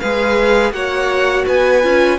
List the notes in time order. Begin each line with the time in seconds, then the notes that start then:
0.00 G#3 G#4 B4 F5
0.72 A#3 F#4 C#5 F#5
1.46 B3 B4 G#5
1.83 C#4 F4